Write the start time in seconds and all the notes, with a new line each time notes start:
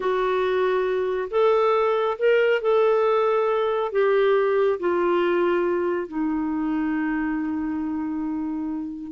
0.00 F#4
1.30 A4
2.18 A#4
2.61 A4
3.92 G4
4.79 F4
6.08 D#4